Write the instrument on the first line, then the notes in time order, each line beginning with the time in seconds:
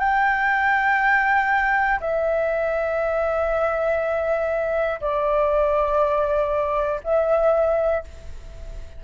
flute
0.00 G5
2.00 E5
5.01 D5
7.05 E5